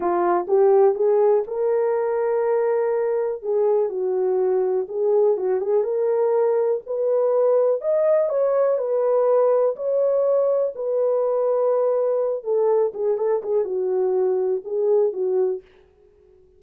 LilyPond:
\new Staff \with { instrumentName = "horn" } { \time 4/4 \tempo 4 = 123 f'4 g'4 gis'4 ais'4~ | ais'2. gis'4 | fis'2 gis'4 fis'8 gis'8 | ais'2 b'2 |
dis''4 cis''4 b'2 | cis''2 b'2~ | b'4. a'4 gis'8 a'8 gis'8 | fis'2 gis'4 fis'4 | }